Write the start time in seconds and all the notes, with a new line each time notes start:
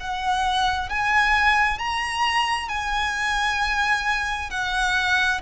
0.00 F#5
0.89 G#5
1.79 A#5
2.69 G#5
4.50 F#5